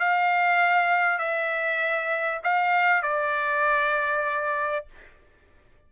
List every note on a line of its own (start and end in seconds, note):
0.00 1.19 F5
1.19 2.41 E5
2.44 3.03 F5
3.03 4.86 D5